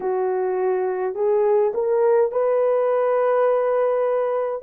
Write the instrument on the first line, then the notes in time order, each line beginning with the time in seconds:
horn
0.00 F#4
1.14 G#4
1.74 A#4
2.31 B4